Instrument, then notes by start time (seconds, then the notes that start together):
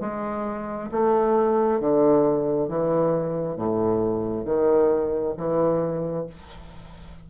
bassoon
0.00 G#3
0.91 A3
1.80 D3
2.68 E3
3.56 A2
4.45 D#3
5.37 E3